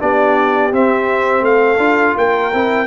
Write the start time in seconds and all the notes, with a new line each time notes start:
0.00 B3 D4 G4 D5
0.72 C4 E5
1.42 A3 F5
1.48 A4
1.78 D4 F4
2.17 A#3 A#4 G5
2.54 C4 E4